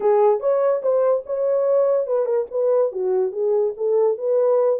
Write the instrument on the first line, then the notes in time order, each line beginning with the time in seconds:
horn
0.00 G#4
0.40 C#5
0.82 C5
1.26 C#5
2.06 B4
2.25 A#4
2.50 B4
2.92 F#4
3.31 G#4
3.76 A4
4.17 B4